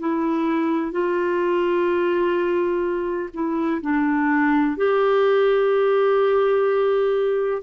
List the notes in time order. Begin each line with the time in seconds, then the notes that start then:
0.00 E4
0.92 F4
3.34 E4
3.82 D4
4.77 G4